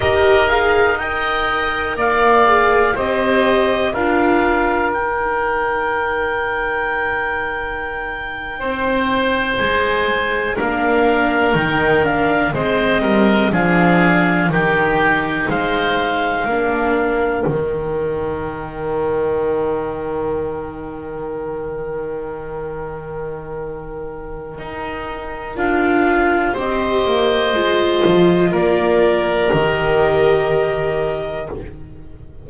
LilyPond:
<<
  \new Staff \with { instrumentName = "clarinet" } { \time 4/4 \tempo 4 = 61 dis''8 f''8 g''4 f''4 dis''4 | f''4 g''2.~ | g''4.~ g''16 gis''4 f''4 g''16~ | g''16 f''8 dis''4 f''4 g''4 f''16~ |
f''4.~ f''16 g''2~ g''16~ | g''1~ | g''2 f''4 dis''4~ | dis''4 d''4 dis''2 | }
  \new Staff \with { instrumentName = "oboe" } { \time 4/4 ais'4 dis''4 d''4 c''4 | ais'1~ | ais'8. c''2 ais'4~ ais'16~ | ais'8. c''8 ais'8 gis'4 g'4 c''16~ |
c''8. ais'2.~ ais'16~ | ais'1~ | ais'2. c''4~ | c''4 ais'2. | }
  \new Staff \with { instrumentName = "viola" } { \time 4/4 g'8 gis'8 ais'4. gis'8 g'4 | f'4 dis'2.~ | dis'2~ dis'8. d'4 dis'16~ | dis'16 d'8 c'4 d'4 dis'4~ dis'16~ |
dis'8. d'4 dis'2~ dis'16~ | dis'1~ | dis'2 f'4 g'4 | f'2 g'2 | }
  \new Staff \with { instrumentName = "double bass" } { \time 4/4 dis'2 ais4 c'4 | d'4 dis'2.~ | dis'8. c'4 gis4 ais4 dis16~ | dis8. gis8 g8 f4 dis4 gis16~ |
gis8. ais4 dis2~ dis16~ | dis1~ | dis4 dis'4 d'4 c'8 ais8 | gis8 f8 ais4 dis2 | }
>>